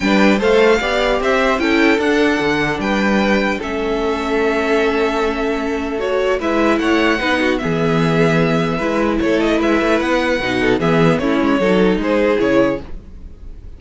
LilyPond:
<<
  \new Staff \with { instrumentName = "violin" } { \time 4/4 \tempo 4 = 150 g''4 f''2 e''4 | g''4 fis''2 g''4~ | g''4 e''2.~ | e''2. cis''4 |
e''4 fis''2 e''4~ | e''2. cis''8 dis''8 | e''4 fis''2 e''4 | cis''2 c''4 cis''4 | }
  \new Staff \with { instrumentName = "violin" } { \time 4/4 b'4 c''4 d''4 c''4 | a'2. b'4~ | b'4 a'2.~ | a'1 |
b'4 cis''4 b'8 fis'8 gis'4~ | gis'2 b'4 a'4 | b'2~ b'8 a'8 gis'4 | e'4 a'4 gis'2 | }
  \new Staff \with { instrumentName = "viola" } { \time 4/4 d'4 a'4 g'2 | e'4 d'2.~ | d'4 cis'2.~ | cis'2. fis'4 |
e'2 dis'4 b4~ | b2 e'2~ | e'2 dis'4 b4 | cis'4 dis'2 e'4 | }
  \new Staff \with { instrumentName = "cello" } { \time 4/4 g4 a4 b4 c'4 | cis'4 d'4 d4 g4~ | g4 a2.~ | a1 |
gis4 a4 b4 e4~ | e2 gis4 a4 | gis8 a8 b4 b,4 e4 | a8 gis8 fis4 gis4 cis4 | }
>>